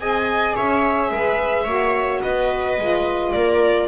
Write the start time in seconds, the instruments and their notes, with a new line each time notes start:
0.00 double bass C4, saxophone G#4, viola D#5, violin G#5
0.56 double bass C#4, viola C#5, violin E5
1.11 double bass G#3, viola B4
1.65 double bass A#3, saxophone F#4, viola C#5
2.22 double bass B3, viola B4, violin D#5
2.78 double bass G#3, saxophone F4
3.33 double bass A#3, viola A#4, violin D5